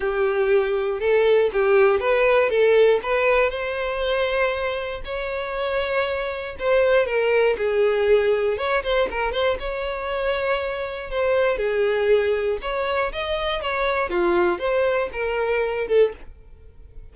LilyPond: \new Staff \with { instrumentName = "violin" } { \time 4/4 \tempo 4 = 119 g'2 a'4 g'4 | b'4 a'4 b'4 c''4~ | c''2 cis''2~ | cis''4 c''4 ais'4 gis'4~ |
gis'4 cis''8 c''8 ais'8 c''8 cis''4~ | cis''2 c''4 gis'4~ | gis'4 cis''4 dis''4 cis''4 | f'4 c''4 ais'4. a'8 | }